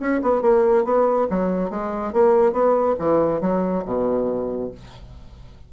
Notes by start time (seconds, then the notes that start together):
0.00 C#4
0.22 B3
0.42 A#3
0.85 B3
1.31 F#3
1.70 G#3
2.13 A#3
2.53 B3
2.99 E3
3.41 F#3
3.86 B2